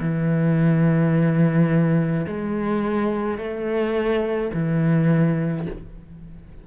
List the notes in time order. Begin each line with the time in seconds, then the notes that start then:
0.00 E3
2.27 G#3
3.38 A3
4.53 E3